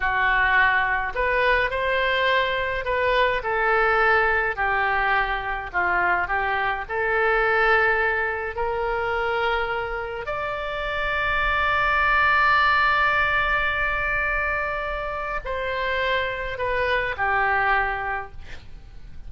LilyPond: \new Staff \with { instrumentName = "oboe" } { \time 4/4 \tempo 4 = 105 fis'2 b'4 c''4~ | c''4 b'4 a'2 | g'2 f'4 g'4 | a'2. ais'4~ |
ais'2 d''2~ | d''1~ | d''2. c''4~ | c''4 b'4 g'2 | }